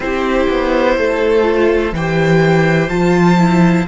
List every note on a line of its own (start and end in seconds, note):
0.00 0.47 C4
0.00 1.43 E4
0.00 0.97 G4
0.00 1.94 C5
0.49 0.97 B3
0.97 1.92 A3
0.97 1.94 A4
1.43 1.91 F4
1.92 2.89 E3
1.92 2.89 G4
1.92 3.87 C5
1.92 2.88 G5
2.88 3.86 F3
2.88 3.37 F4
2.88 3.85 A5
3.37 3.86 E4